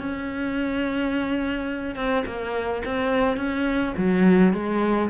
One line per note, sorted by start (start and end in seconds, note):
0.00 1.96 C#4
1.96 2.25 C4
2.26 2.83 A#3
2.86 3.38 C4
3.38 3.94 C#4
3.98 4.54 F#3
4.54 5.10 G#3